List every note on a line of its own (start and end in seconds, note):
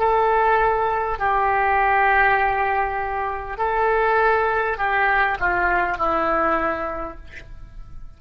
0.00 1.19 A4
1.19 3.58 G4
3.58 4.78 A4
4.78 5.38 G4
5.40 5.98 F4
5.98 7.18 E4